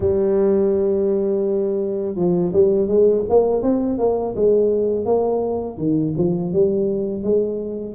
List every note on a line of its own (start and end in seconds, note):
0.00 2.15 G3
2.15 2.51 F3
2.53 2.87 G3
2.87 3.23 G#3
3.29 3.62 A#3
3.62 3.98 C4
3.98 4.34 A#3
4.35 5.05 G#3
5.05 5.77 A#3
5.77 6.13 D#3
6.17 6.53 F3
6.53 7.23 G3
7.23 7.95 G#3